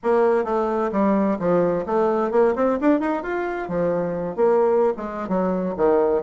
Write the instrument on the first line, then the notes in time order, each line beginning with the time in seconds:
bassoon
0.03 A#3
0.44 A3
0.91 G3
1.39 F3
1.86 A3
2.31 A#3
2.55 C4
2.80 D4
2.99 D#4
3.23 F4
3.68 F3
4.36 A#3
4.96 G#3
5.28 F#3
5.77 D#3